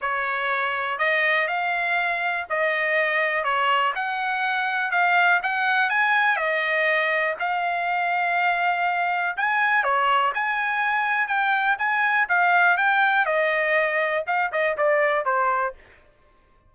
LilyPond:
\new Staff \with { instrumentName = "trumpet" } { \time 4/4 \tempo 4 = 122 cis''2 dis''4 f''4~ | f''4 dis''2 cis''4 | fis''2 f''4 fis''4 | gis''4 dis''2 f''4~ |
f''2. gis''4 | cis''4 gis''2 g''4 | gis''4 f''4 g''4 dis''4~ | dis''4 f''8 dis''8 d''4 c''4 | }